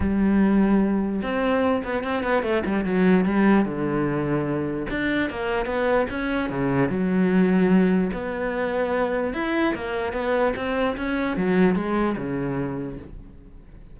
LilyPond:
\new Staff \with { instrumentName = "cello" } { \time 4/4 \tempo 4 = 148 g2. c'4~ | c'8 b8 c'8 b8 a8 g8 fis4 | g4 d2. | d'4 ais4 b4 cis'4 |
cis4 fis2. | b2. e'4 | ais4 b4 c'4 cis'4 | fis4 gis4 cis2 | }